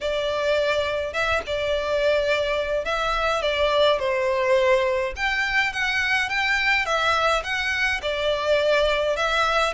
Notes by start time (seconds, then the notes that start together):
0.00 D5
1.13 E5
1.46 D5
2.84 E5
3.42 D5
3.99 C5
5.16 G5
5.72 F#5
6.29 G5
6.85 E5
7.43 F#5
8.02 D5
9.16 E5